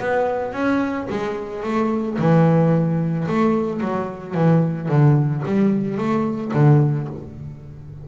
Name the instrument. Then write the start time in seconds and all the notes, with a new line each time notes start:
double bass
0.00 B3
0.53 C#4
1.10 G#3
1.63 A3
2.18 E3
3.28 A3
3.81 F#3
4.34 E3
4.89 D3
5.46 G3
5.98 A3
6.54 D3